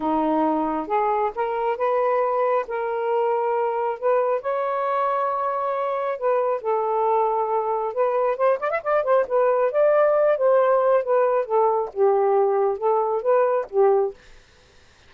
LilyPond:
\new Staff \with { instrumentName = "saxophone" } { \time 4/4 \tempo 4 = 136 dis'2 gis'4 ais'4 | b'2 ais'2~ | ais'4 b'4 cis''2~ | cis''2 b'4 a'4~ |
a'2 b'4 c''8 d''16 e''16 | d''8 c''8 b'4 d''4. c''8~ | c''4 b'4 a'4 g'4~ | g'4 a'4 b'4 g'4 | }